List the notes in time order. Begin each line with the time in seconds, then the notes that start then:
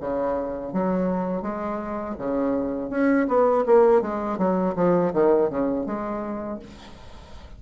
0.00 C#3
0.72 F#3
1.42 G#3
2.18 C#3
2.90 C#4
3.28 B3
3.66 A#3
4.01 G#3
4.38 F#3
4.75 F3
5.13 D#3
5.49 C#3
5.86 G#3